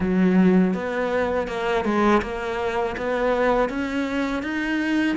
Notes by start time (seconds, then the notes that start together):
0.00 F#3
0.74 B3
1.47 A#3
1.84 G#3
2.22 A#3
2.97 B3
3.69 C#4
4.42 D#4